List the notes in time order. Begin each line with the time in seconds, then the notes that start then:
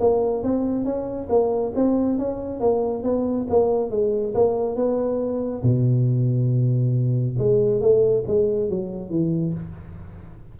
0.00 A#3
0.43 C4
0.85 C#4
1.29 A#3
1.75 C4
2.18 C#4
2.60 A#3
3.03 B3
3.50 A#3
3.91 G#3
4.34 A#3
4.76 B3
5.63 B2
7.39 G#3
7.81 A3
8.27 G#3
8.70 F#3
9.10 E3